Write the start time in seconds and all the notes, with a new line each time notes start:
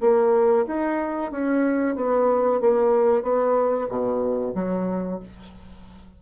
0.00 A#3
0.66 D#4
1.31 C#4
1.95 B3
2.60 A#3
3.22 B3
3.89 B2
4.54 F#3